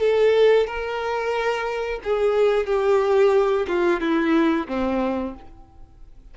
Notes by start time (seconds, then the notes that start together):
0.00 A4
0.67 A#4
2.04 G#4
2.66 G4
3.68 F4
4.00 E4
4.68 C4